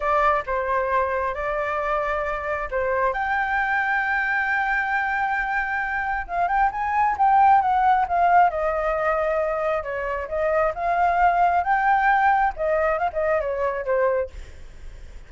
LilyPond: \new Staff \with { instrumentName = "flute" } { \time 4/4 \tempo 4 = 134 d''4 c''2 d''4~ | d''2 c''4 g''4~ | g''1~ | g''2 f''8 g''8 gis''4 |
g''4 fis''4 f''4 dis''4~ | dis''2 cis''4 dis''4 | f''2 g''2 | dis''4 f''16 dis''8. cis''4 c''4 | }